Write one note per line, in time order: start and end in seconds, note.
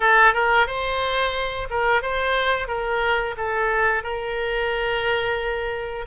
0.00 0.33 A4
0.33 0.66 A#4
0.66 1.68 C5
1.69 2.02 A#4
2.02 2.67 C5
2.67 3.35 A#4
3.37 4.03 A4
4.03 6.05 A#4